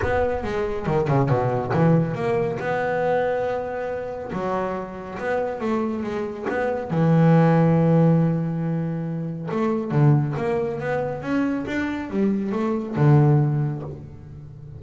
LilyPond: \new Staff \with { instrumentName = "double bass" } { \time 4/4 \tempo 4 = 139 b4 gis4 dis8 cis8 b,4 | e4 ais4 b2~ | b2 fis2 | b4 a4 gis4 b4 |
e1~ | e2 a4 d4 | ais4 b4 cis'4 d'4 | g4 a4 d2 | }